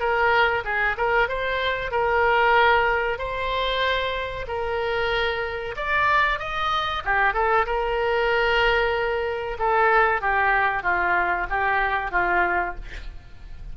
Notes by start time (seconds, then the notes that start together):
0.00 A#4
0.65 G#4
0.97 A#4
1.29 C5
1.91 A#4
3.19 C5
4.48 A#4
5.77 D5
6.39 D#5
7.05 G4
7.34 A4
7.67 A#4
9.59 A4
10.22 G4
10.83 F4
11.50 G4
12.12 F4